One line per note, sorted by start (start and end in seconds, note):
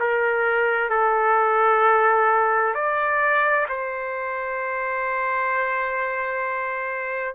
0.00 0.90 A#4
0.90 2.74 A4
2.74 3.67 D5
3.69 7.35 C5